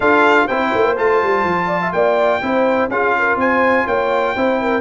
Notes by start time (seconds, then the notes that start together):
0.00 D4 F4 A4 F5
0.47 C4 E4 C5 G5
0.75 A#3
0.96 A3 F4 A5
1.22 G3
1.44 F3
1.67 D5
1.81 E5
1.92 A#3 D5 G5
2.42 C4 E4 C5
2.87 C#4 F4 G#4 F5
3.19 A#4
3.35 C4 C5 G#5
3.85 A#3 C#5 G5
4.36 C4 E4 C5
4.60 A#4